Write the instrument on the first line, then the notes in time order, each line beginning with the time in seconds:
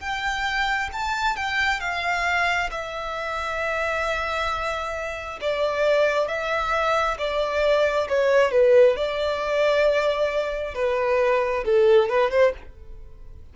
violin
0.00 G5
0.93 A5
1.36 G5
1.81 F5
2.71 E5
5.41 D5
6.28 E5
7.18 D5
8.09 C#5
8.52 B4
8.97 D5
10.75 B4
11.65 A4
12.09 B4
12.31 C5